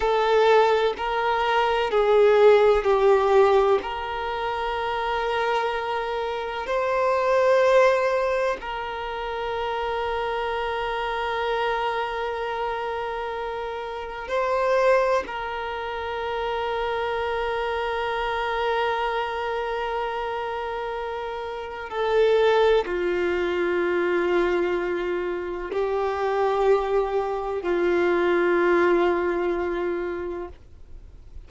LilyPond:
\new Staff \with { instrumentName = "violin" } { \time 4/4 \tempo 4 = 63 a'4 ais'4 gis'4 g'4 | ais'2. c''4~ | c''4 ais'2.~ | ais'2. c''4 |
ais'1~ | ais'2. a'4 | f'2. g'4~ | g'4 f'2. | }